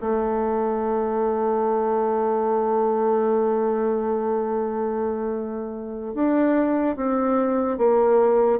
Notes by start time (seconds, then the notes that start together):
0.00 A3
6.14 D4
6.96 C4
7.77 A#3